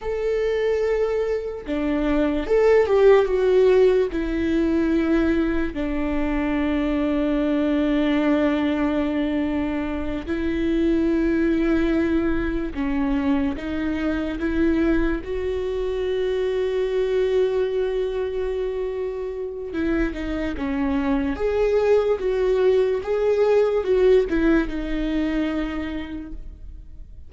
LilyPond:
\new Staff \with { instrumentName = "viola" } { \time 4/4 \tempo 4 = 73 a'2 d'4 a'8 g'8 | fis'4 e'2 d'4~ | d'1~ | d'8 e'2. cis'8~ |
cis'8 dis'4 e'4 fis'4.~ | fis'1 | e'8 dis'8 cis'4 gis'4 fis'4 | gis'4 fis'8 e'8 dis'2 | }